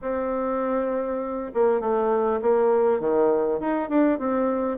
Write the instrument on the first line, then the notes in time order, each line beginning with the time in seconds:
bassoon
0.01 C4
1.54 A#3
1.80 A3
2.41 A#3
2.99 D#3
3.60 D#4
3.89 D4
4.18 C4